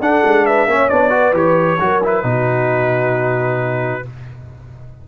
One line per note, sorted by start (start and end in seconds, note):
0.00 0.22 D4
0.00 0.69 D4
0.00 0.46 A4
0.00 0.46 F#5
0.25 0.67 G#3
0.46 0.68 B4
0.46 0.89 E5
0.67 0.89 A#3
0.67 0.91 C#4
0.67 1.14 C#5
0.89 1.33 B3
0.89 1.10 D4
0.89 1.34 D5
1.10 1.33 F#4
1.10 1.81 B4
1.33 1.78 E3
1.33 1.78 G4
1.33 2.04 C#5
1.80 2.24 F#3
1.80 2.02 F#4
1.80 2.26 A#4
2.04 2.24 E4
2.04 4.09 B4
2.24 4.03 B2
2.24 4.03 D#4
2.24 4.05 F#4